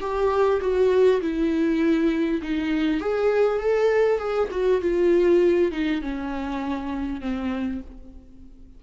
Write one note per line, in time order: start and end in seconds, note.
0.00 0.60 G4
0.60 1.20 F#4
1.21 2.41 E4
2.42 3.00 D#4
3.00 3.59 G#4
3.59 4.18 A4
4.18 4.48 G#4
4.51 4.81 F#4
4.81 5.71 F4
5.71 6.01 D#4
6.01 7.21 C#4
7.21 7.81 C4